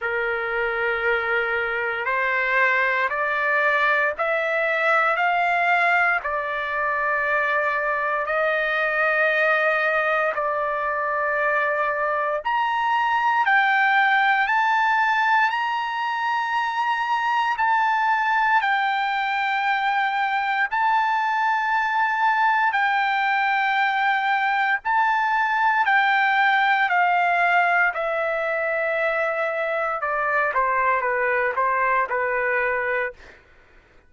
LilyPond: \new Staff \with { instrumentName = "trumpet" } { \time 4/4 \tempo 4 = 58 ais'2 c''4 d''4 | e''4 f''4 d''2 | dis''2 d''2 | ais''4 g''4 a''4 ais''4~ |
ais''4 a''4 g''2 | a''2 g''2 | a''4 g''4 f''4 e''4~ | e''4 d''8 c''8 b'8 c''8 b'4 | }